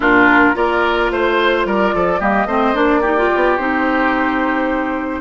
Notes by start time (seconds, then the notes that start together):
0.00 A#2 D4 F4 A#4
0.54 A#3 F4 A#4 D5
1.10 A3 C5
1.65 G3 A#4 D5
1.94 F3 A4
2.19 G3 A#3 G4 D#5
2.45 A3 C4 C5
2.74 A#3 D4 D5
3.01 D#4 G4
3.17 F4
3.35 B3
3.57 C4 D#4 C5